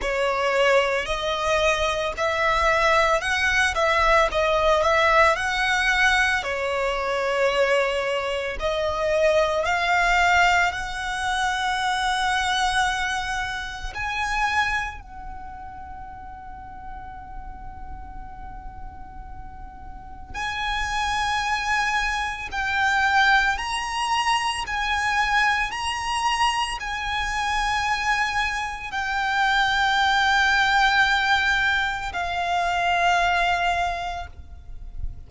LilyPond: \new Staff \with { instrumentName = "violin" } { \time 4/4 \tempo 4 = 56 cis''4 dis''4 e''4 fis''8 e''8 | dis''8 e''8 fis''4 cis''2 | dis''4 f''4 fis''2~ | fis''4 gis''4 fis''2~ |
fis''2. gis''4~ | gis''4 g''4 ais''4 gis''4 | ais''4 gis''2 g''4~ | g''2 f''2 | }